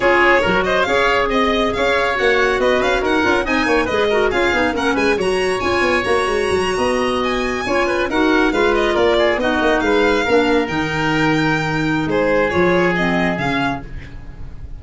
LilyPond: <<
  \new Staff \with { instrumentName = "violin" } { \time 4/4 \tempo 4 = 139 cis''4. dis''8 f''4 dis''4 | f''4 fis''4 dis''8 f''8 fis''4 | gis''4 dis''4 f''4 fis''8 gis''8 | ais''4 gis''4 ais''2~ |
ais''8. gis''2 fis''4 f''16~ | f''16 dis''8 d''4 dis''4 f''4~ f''16~ | f''8. g''2.~ g''16 | c''4 cis''4 dis''4 f''4 | }
  \new Staff \with { instrumentName = "oboe" } { \time 4/4 gis'4 ais'8 c''8 cis''4 dis''4 | cis''2 b'4 ais'4 | dis''8 cis''8 b'8 ais'8 gis'4 ais'8 b'8 | cis''2.~ cis''8. dis''16~ |
dis''4.~ dis''16 cis''8 b'8 ais'4 b'16~ | b'8. ais'8 gis'8 fis'4 b'4 ais'16~ | ais'1 | gis'1 | }
  \new Staff \with { instrumentName = "clarinet" } { \time 4/4 f'4 fis'4 gis'2~ | gis'4 fis'2~ fis'8 f'8 | dis'4 gis'8 fis'8 f'8 dis'8 cis'4 | fis'4 f'4 fis'2~ |
fis'4.~ fis'16 f'4 fis'4 f'16~ | f'4.~ f'16 dis'2 d'16~ | d'8. dis'2.~ dis'16~ | dis'4 f'4 c'4 cis'4 | }
  \new Staff \with { instrumentName = "tuba" } { \time 4/4 cis'4 fis4 cis'4 c'4 | cis'4 ais4 b8 cis'8 dis'8 cis'8 | c'8 ais8 gis4 cis'8 b8 ais8 gis8 | fis4 cis'8 b8 ais8 gis8 fis8. b16~ |
b4.~ b16 cis'4 dis'4 gis16~ | gis8. ais4 b8 ais8 gis4 ais16~ | ais8. dis2.~ dis16 | gis4 f2 cis4 | }
>>